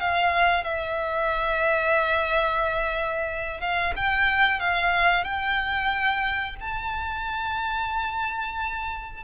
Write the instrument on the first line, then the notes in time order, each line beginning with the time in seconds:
violin
0.00 F5
0.64 E5
3.61 F5
3.96 G5
4.59 F5
5.24 G5
6.61 A5